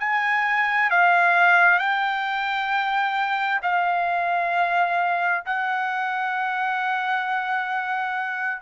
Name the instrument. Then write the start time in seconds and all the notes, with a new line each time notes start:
trumpet
0.00 G#5
0.90 F5
1.79 G5
3.63 F5
5.46 F#5